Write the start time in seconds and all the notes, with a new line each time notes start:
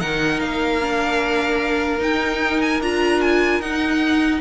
0.00 D#3 D#4 A#4 F#5
0.40 A#3 F5
0.81 D4
1.98 D#4 G5
2.60 G#5
2.80 D4 F4 A#5
3.21 G#5
3.59 D#4 F#5